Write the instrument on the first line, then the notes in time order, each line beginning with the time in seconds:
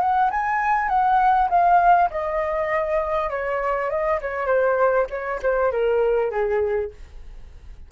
flute
0.00 F#5
0.30 G#5
0.88 F#5
1.49 F5
2.10 D#5
3.30 C#5
3.89 D#5
4.21 C#5
4.46 C5
5.09 C#5
5.42 C5
5.71 A#4
6.30 G#4